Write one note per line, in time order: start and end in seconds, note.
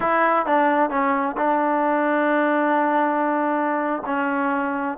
0.00 0.46 E4
0.46 0.90 D4
0.90 1.36 C#4
1.37 4.02 D4
4.05 4.97 C#4